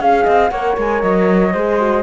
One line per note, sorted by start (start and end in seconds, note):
0.00 0.26 C#4
0.00 0.51 G#4
0.00 0.50 F5
0.00 0.24 F5
0.24 0.51 C4
0.24 0.49 D#5
0.50 0.77 A#3
0.50 1.54 A#4
0.50 1.53 C#5
0.50 0.76 F#5
0.77 1.03 G#3
0.77 1.01 G#5
1.01 1.54 F#3
1.01 2.02 D#5
1.53 2.02 G#3
1.53 1.79 G#4
1.53 2.02 C5
1.79 2.02 F#4